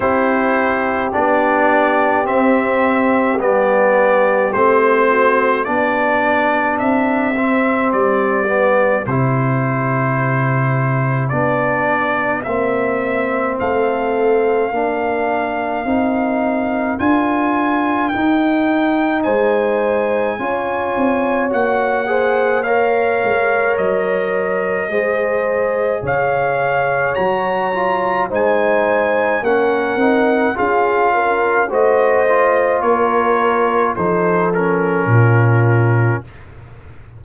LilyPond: <<
  \new Staff \with { instrumentName = "trumpet" } { \time 4/4 \tempo 4 = 53 c''4 d''4 e''4 d''4 | c''4 d''4 e''4 d''4 | c''2 d''4 e''4 | f''2. gis''4 |
g''4 gis''2 fis''4 | f''4 dis''2 f''4 | ais''4 gis''4 fis''4 f''4 | dis''4 cis''4 c''8 ais'4. | }
  \new Staff \with { instrumentName = "horn" } { \time 4/4 g'1~ | g'8 fis'8 g'2.~ | g'1 | a'4 ais'2.~ |
ais'4 c''4 cis''4. c''8 | cis''2 c''4 cis''4~ | cis''4 c''4 ais'4 gis'8 ais'8 | c''4 ais'4 a'4 f'4 | }
  \new Staff \with { instrumentName = "trombone" } { \time 4/4 e'4 d'4 c'4 b4 | c'4 d'4. c'4 b8 | e'2 d'4 c'4~ | c'4 d'4 dis'4 f'4 |
dis'2 f'4 fis'8 gis'8 | ais'2 gis'2 | fis'8 f'8 dis'4 cis'8 dis'8 f'4 | fis'8 f'4. dis'8 cis'4. | }
  \new Staff \with { instrumentName = "tuba" } { \time 4/4 c'4 b4 c'4 g4 | a4 b4 c'4 g4 | c2 b4 ais4 | a4 ais4 c'4 d'4 |
dis'4 gis4 cis'8 c'8 ais4~ | ais8 gis8 fis4 gis4 cis4 | fis4 gis4 ais8 c'8 cis'4 | a4 ais4 f4 ais,4 | }
>>